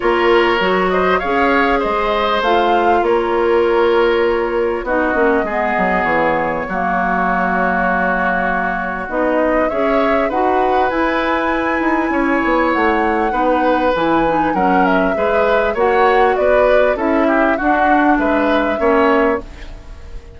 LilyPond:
<<
  \new Staff \with { instrumentName = "flute" } { \time 4/4 \tempo 4 = 99 cis''4. dis''8 f''4 dis''4 | f''4 cis''2. | dis''2 cis''2~ | cis''2. dis''4 |
e''4 fis''4 gis''2~ | gis''4 fis''2 gis''4 | fis''8 e''4. fis''4 d''4 | e''4 fis''4 e''2 | }
  \new Staff \with { instrumentName = "oboe" } { \time 4/4 ais'4. c''8 cis''4 c''4~ | c''4 ais'2. | fis'4 gis'2 fis'4~ | fis'1 |
cis''4 b'2. | cis''2 b'2 | ais'4 b'4 cis''4 b'4 | a'8 g'8 fis'4 b'4 cis''4 | }
  \new Staff \with { instrumentName = "clarinet" } { \time 4/4 f'4 fis'4 gis'2 | f'1 | dis'8 cis'8 b2 ais4~ | ais2. dis'4 |
gis'4 fis'4 e'2~ | e'2 dis'4 e'8 dis'8 | cis'4 gis'4 fis'2 | e'4 d'2 cis'4 | }
  \new Staff \with { instrumentName = "bassoon" } { \time 4/4 ais4 fis4 cis'4 gis4 | a4 ais2. | b8 ais8 gis8 fis8 e4 fis4~ | fis2. b4 |
cis'4 dis'4 e'4. dis'8 | cis'8 b8 a4 b4 e4 | fis4 gis4 ais4 b4 | cis'4 d'4 gis4 ais4 | }
>>